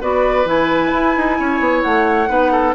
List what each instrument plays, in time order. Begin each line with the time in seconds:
0.00 bassoon B3, clarinet F#4, oboe B4, flute D5
0.45 bassoon E3, clarinet E4, flute G#5
0.92 bassoon E4
1.17 bassoon D#4
1.39 bassoon C#4, oboe C#5
1.59 bassoon B3
1.82 bassoon A3, flute F#5
2.27 bassoon B3, clarinet D#4, oboe B4
2.51 oboe A4